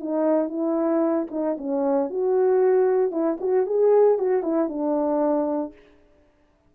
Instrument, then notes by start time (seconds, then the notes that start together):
horn
0.00 D#4
0.49 E4
1.31 D#4
1.58 C#4
2.10 F#4
3.11 E4
3.41 F#4
3.66 G#4
4.19 F#4
4.43 E4
4.69 D4